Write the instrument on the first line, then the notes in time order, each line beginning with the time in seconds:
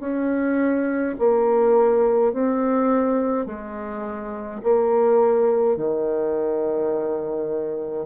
bassoon
0.00 C#4
1.19 A#3
2.33 C4
3.46 G#3
4.63 A#3
5.76 D#3